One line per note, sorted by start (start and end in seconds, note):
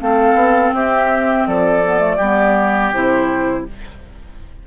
0.00 0.34 A3
0.00 1.83 C4
0.00 0.75 A4
0.00 0.73 F5
0.34 0.70 B3
0.73 1.46 C4
0.73 1.48 G4
0.73 1.46 E5
1.46 2.19 F3
1.46 2.17 A4
1.46 2.93 D5
1.85 1.99 B3
1.99 2.17 A3
2.17 2.92 G3
2.17 2.93 B3
2.17 3.63 G4
2.93 3.66 C3
2.93 3.67 E4
2.93 3.66 C5